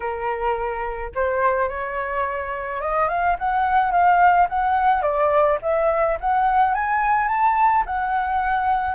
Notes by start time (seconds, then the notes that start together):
0.00 A#4
1.14 C5
1.68 C#5
2.81 D#5
3.08 F5
3.38 F#5
3.91 F5
4.49 F#5
5.02 D5
5.62 E5
6.20 F#5
6.74 G#5
7.28 A5
7.86 F#5